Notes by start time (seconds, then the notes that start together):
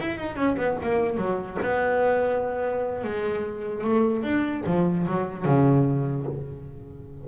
0.00 E4
0.18 D#4
0.36 C#4
0.57 B3
0.82 A#3
1.16 F#3
1.61 B3
3.03 G#3
3.84 A3
4.23 D4
4.66 F3
5.07 F#3
5.45 C#3